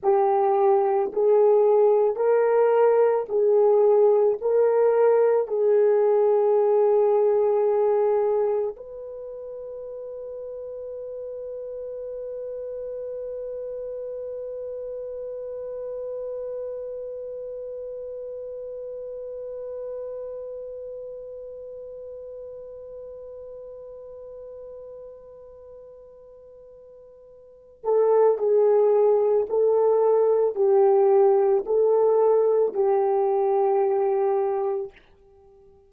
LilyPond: \new Staff \with { instrumentName = "horn" } { \time 4/4 \tempo 4 = 55 g'4 gis'4 ais'4 gis'4 | ais'4 gis'2. | b'1~ | b'1~ |
b'1~ | b'1~ | b'4. a'8 gis'4 a'4 | g'4 a'4 g'2 | }